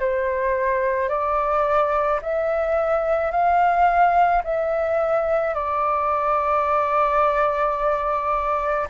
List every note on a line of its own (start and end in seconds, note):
0.00 1.09 C5
1.09 2.20 D5
2.23 3.31 E5
3.31 4.42 F5
4.44 5.55 E5
5.55 8.88 D5